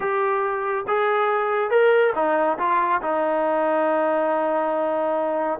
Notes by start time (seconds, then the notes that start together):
0.00 G4
0.87 G#4
1.70 A#4
2.15 D#4
2.58 F4
3.02 D#4